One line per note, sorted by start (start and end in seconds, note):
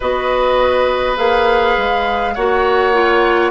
0.00 1.17 B3
0.00 1.16 F#4
0.00 2.34 B4
0.00 1.17 D#5
1.16 1.76 A#3
1.16 2.34 G#4
1.16 2.34 F5
1.77 2.36 G#3
2.34 3.50 A#3
2.34 2.93 F#4
2.34 3.50 C#5
2.34 3.50 F#5
2.93 3.50 F4